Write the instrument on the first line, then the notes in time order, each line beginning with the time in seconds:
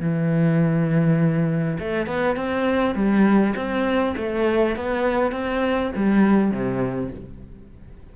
cello
0.00 E3
1.80 A3
2.07 B3
2.36 C4
2.95 G3
3.56 C4
4.17 A3
4.76 B3
5.32 C4
5.96 G3
6.51 C3